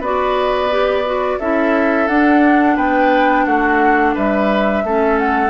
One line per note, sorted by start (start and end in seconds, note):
0.00 1.38 B3
0.00 0.71 F#4
0.00 1.39 B4
0.00 1.40 D5
0.71 1.05 G4
1.05 1.40 F#4
1.40 2.08 C#4
1.40 2.09 E4
1.40 2.76 A4
1.40 2.08 E5
2.08 2.77 D4
2.08 4.85 D4
2.08 2.77 F#5
2.76 3.46 B3
2.76 3.45 B4
2.76 3.46 G5
3.46 4.15 A3
3.46 4.15 F#4
3.46 4.15 F#5
4.15 4.84 G3
4.15 4.83 B4
4.15 5.19 E5
4.84 5.50 A3
4.84 5.50 C#4
4.84 5.50 A4
5.19 5.50 F#5